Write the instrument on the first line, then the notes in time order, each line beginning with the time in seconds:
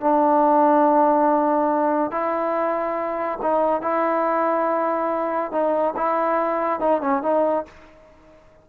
trombone
0.00 D4
2.11 E4
3.41 D#4
3.81 E4
5.51 D#4
5.96 E4
6.79 D#4
7.01 C#4
7.22 D#4